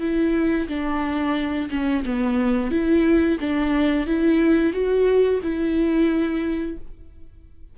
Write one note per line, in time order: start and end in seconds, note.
0.00 0.67 E4
0.68 1.69 D4
1.70 2.03 C#4
2.04 2.71 B3
2.71 3.38 E4
3.40 4.06 D4
4.06 4.73 E4
4.73 5.40 F#4
5.42 6.77 E4